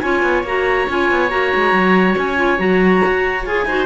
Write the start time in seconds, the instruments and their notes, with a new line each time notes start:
0.00 cello C#4, clarinet F4 G#5, oboe C#5
0.22 cello B3
0.43 cello A#3, clarinet F#4 A#5
0.89 cello C#4, clarinet F4 G#5
1.11 cello B3
1.29 cello A#3, clarinet F#4 A#5
1.55 cello G#3
1.72 cello F#3
2.18 cello C#4, clarinet G#5
2.36 clarinet F4
2.58 cello F#3, clarinet F#4 A#5
3.06 cello F#4
3.45 cello F4, clarinet G#4 G#5
3.65 cello D#4, clarinet F#4, oboe C5